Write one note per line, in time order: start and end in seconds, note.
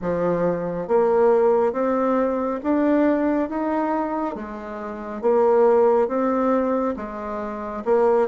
0.01 0.87 F3
0.87 1.72 A#3
1.72 2.59 C4
2.63 3.49 D4
3.49 4.35 D#4
4.35 5.21 G#3
5.21 6.08 A#3
6.08 6.94 C4
6.96 7.83 G#3
7.85 8.28 A#3